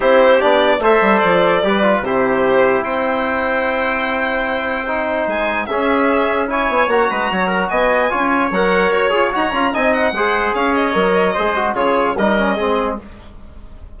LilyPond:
<<
  \new Staff \with { instrumentName = "violin" } { \time 4/4 \tempo 4 = 148 c''4 d''4 e''4 d''4~ | d''4 c''2 g''4~ | g''1~ | g''4 gis''4 e''2 |
gis''4 ais''2 gis''4~ | gis''4 fis''4 cis''4 ais''4 | gis''8 fis''4. f''8 dis''4.~ | dis''4 cis''4 dis''2 | }
  \new Staff \with { instrumentName = "trumpet" } { \time 4/4 g'2 c''2 | b'4 g'2 c''4~ | c''1~ | c''2 gis'2 |
cis''4. b'8 cis''8 ais'8 dis''4 | cis''1 | dis''4 c''4 cis''2 | c''4 gis'4 ais'4 gis'4 | }
  \new Staff \with { instrumentName = "trombone" } { \time 4/4 e'4 d'4 a'2 | g'8 f'8 e'2.~ | e'1 | dis'2 cis'2 |
e'4 fis'2. | f'4 ais'4. gis'8 fis'8 f'8 | dis'4 gis'2 ais'4 | gis'8 fis'8 f'4 dis'8 cis'8 c'4 | }
  \new Staff \with { instrumentName = "bassoon" } { \time 4/4 c'4 b4 a8 g8 f4 | g4 c2 c'4~ | c'1~ | c'4 gis4 cis'2~ |
cis'8 b8 ais8 gis8 fis4 b4 | cis'4 fis4 fis'8 f'8 dis'8 cis'8 | c'4 gis4 cis'4 fis4 | gis4 cis4 g4 gis4 | }
>>